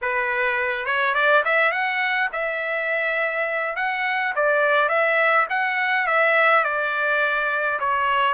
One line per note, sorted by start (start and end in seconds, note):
0.01 0.85 B4
0.85 1.14 C#5
1.14 1.43 D5
1.44 1.71 E5
1.71 2.29 F#5
2.32 3.76 E5
3.76 4.33 F#5
4.35 4.88 D5
4.88 5.46 E5
5.49 6.06 F#5
6.06 6.63 E5
6.63 7.79 D5
7.79 8.34 C#5